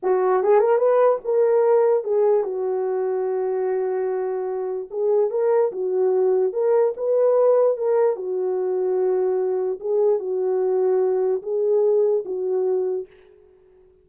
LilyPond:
\new Staff \with { instrumentName = "horn" } { \time 4/4 \tempo 4 = 147 fis'4 gis'8 ais'8 b'4 ais'4~ | ais'4 gis'4 fis'2~ | fis'1 | gis'4 ais'4 fis'2 |
ais'4 b'2 ais'4 | fis'1 | gis'4 fis'2. | gis'2 fis'2 | }